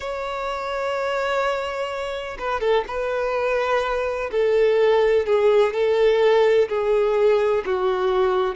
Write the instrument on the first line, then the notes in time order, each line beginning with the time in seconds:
violin
0.00 C#5
2.38 B4
2.60 A4
2.87 B4
4.31 A4
5.26 G#4
5.73 A4
6.68 G#4
7.65 F#4